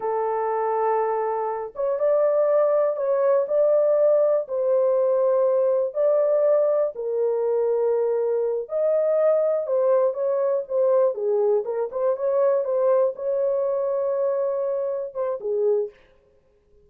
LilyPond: \new Staff \with { instrumentName = "horn" } { \time 4/4 \tempo 4 = 121 a'2.~ a'8 cis''8 | d''2 cis''4 d''4~ | d''4 c''2. | d''2 ais'2~ |
ais'4. dis''2 c''8~ | c''8 cis''4 c''4 gis'4 ais'8 | c''8 cis''4 c''4 cis''4.~ | cis''2~ cis''8 c''8 gis'4 | }